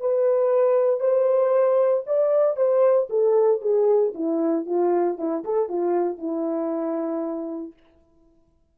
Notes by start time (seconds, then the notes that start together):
0.00 B4
1.00 C5
2.06 D5
2.56 C5
3.09 A4
3.61 G#4
4.14 E4
4.66 F4
5.18 E4
5.44 A4
5.68 F4
6.18 E4